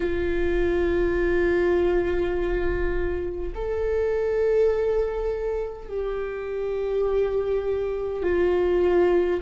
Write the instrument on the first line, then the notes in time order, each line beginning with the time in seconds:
viola
0.00 F4
3.55 A4
5.88 G4
8.22 F4